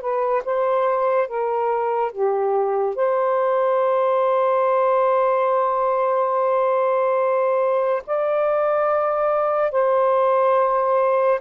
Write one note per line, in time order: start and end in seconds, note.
0.00 0.42 B4
0.45 1.27 C5
1.27 2.12 A#4
2.12 2.95 G4
2.95 8.02 C5
8.06 9.71 D5
9.71 11.40 C5